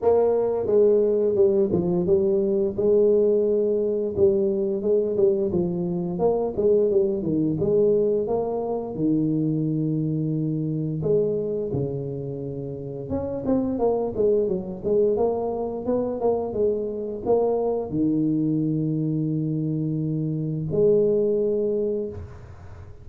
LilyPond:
\new Staff \with { instrumentName = "tuba" } { \time 4/4 \tempo 4 = 87 ais4 gis4 g8 f8 g4 | gis2 g4 gis8 g8 | f4 ais8 gis8 g8 dis8 gis4 | ais4 dis2. |
gis4 cis2 cis'8 c'8 | ais8 gis8 fis8 gis8 ais4 b8 ais8 | gis4 ais4 dis2~ | dis2 gis2 | }